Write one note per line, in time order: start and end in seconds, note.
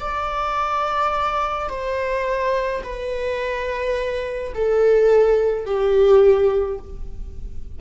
0.00 1.69 D5
1.69 2.83 C5
2.84 4.53 B4
4.54 5.66 A4
5.66 6.79 G4